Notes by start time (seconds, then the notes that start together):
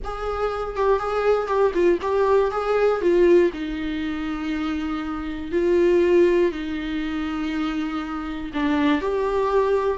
0.03 G#4
0.76 G4
0.99 G#4
1.47 G4
1.73 F4
2.01 G4
2.51 G#4
3.01 F4
3.53 D#4
5.51 F4
6.51 D#4
8.53 D4
9.01 G4